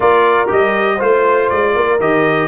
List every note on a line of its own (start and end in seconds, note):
0.00 0.50 A#3
0.00 0.47 F4
0.00 0.96 A#4
0.00 0.49 D5
0.47 1.00 G3
0.47 0.97 G4
0.47 1.01 D#5
0.96 1.50 A3
0.96 1.99 F4
0.96 1.71 C5
0.96 1.49 C5
1.49 1.76 G#3
1.49 1.99 D5
1.74 1.99 A#3
1.74 2.48 A#4
1.99 2.48 D#3
1.99 2.48 G4
1.99 2.48 D#5